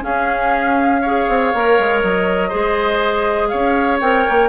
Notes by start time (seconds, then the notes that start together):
0.00 C#4 G#4 F5
1.01 G#4 C#5
1.28 C4
1.54 A#3 A#4
1.79 G#3
2.02 F#3 D#5
2.49 G#3 G#4 C5
3.48 C#4 C#5 F5
4.00 C4 A#4 G5
4.29 A#3